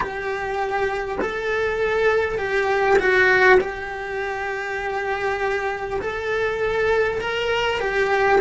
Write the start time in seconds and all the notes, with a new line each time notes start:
0.00 G4
1.21 A4
2.38 G4
2.98 F#4
3.60 G4
6.01 A4
7.21 A#4
7.79 G4